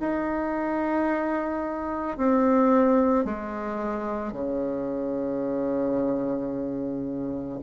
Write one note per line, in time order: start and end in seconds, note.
0.00 2.17 D#4
2.17 3.25 C4
3.25 4.32 G#3
4.32 7.59 C#3